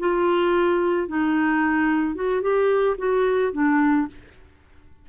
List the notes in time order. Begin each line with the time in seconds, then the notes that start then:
0.00 F4
1.08 D#4
2.16 F#4
2.42 G4
2.99 F#4
3.53 D4